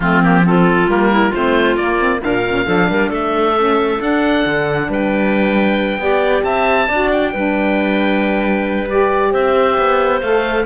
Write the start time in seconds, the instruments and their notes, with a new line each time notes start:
0.00 cello F3, saxophone A3, clarinet C4, oboe F4
0.23 saxophone A#3, oboe G4
0.44 saxophone C4, clarinet F4, oboe A4
0.87 cello G3, saxophone A#3, oboe A#4
1.11 clarinet E4
1.29 cello A3, saxophone C4, clarinet F4, oboe C5
1.76 cello A#3, saxophone A#3, oboe D5
2.00 saxophone C4
2.21 cello A#2, saxophone D4, clarinet A#4, oboe F5
2.47 saxophone C#4
2.65 cello F3, saxophone D4, clarinet A4
2.89 cello G3, clarinet A#4
3.09 cello A3, clarinet A4, oboe E5
3.55 saxophone C#4
3.99 saxophone D4, cello D4, oboe F#5
4.45 cello D3
4.88 cello G3, clarinet B4, oboe G5
5.98 cello B3, saxophone G4, clarinet D5
6.43 cello C4, clarinet E5, oboe A5
6.87 cello D4, saxophone F#4, clarinet D5
7.11 oboe G5
7.32 cello G3, saxophone D4, clarinet B4
8.89 saxophone G4, oboe D5
9.30 cello C4, clarinet C5, oboe E5
9.77 cello B3
10.20 cello A3, saxophone A4, oboe F5